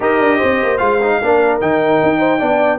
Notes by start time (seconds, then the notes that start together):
0.00 D#4 G4 A#4 D#5
0.19 D4
0.37 C4 C5
0.63 A#3
0.77 G#3 F4 F5
1.02 D#4
1.21 A#3 D4 A#4
1.60 D#3 D#4 G5
2.02 D#4
2.18 C5
2.38 B3 D4 D5